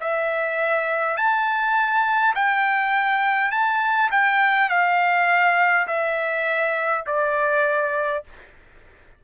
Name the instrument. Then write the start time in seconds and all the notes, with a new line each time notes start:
trumpet
0.00 E5
1.17 A5
2.35 G5
3.51 A5
4.11 G5
4.69 F5
5.87 E5
7.06 D5